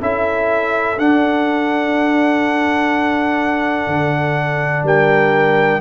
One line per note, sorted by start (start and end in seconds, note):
0.00 0.97 C#4
0.00 0.97 E4
0.00 4.84 A4
0.00 0.98 E5
0.97 3.87 D4
0.97 5.81 D4
0.97 4.85 F#5
3.87 4.83 D3
4.83 5.80 G3
4.83 5.81 A#4
4.83 5.81 G5